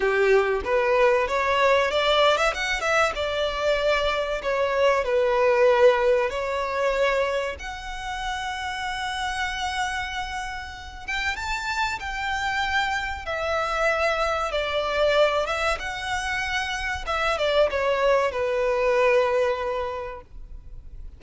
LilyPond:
\new Staff \with { instrumentName = "violin" } { \time 4/4 \tempo 4 = 95 g'4 b'4 cis''4 d''8. e''16 | fis''8 e''8 d''2 cis''4 | b'2 cis''2 | fis''1~ |
fis''4. g''8 a''4 g''4~ | g''4 e''2 d''4~ | d''8 e''8 fis''2 e''8 d''8 | cis''4 b'2. | }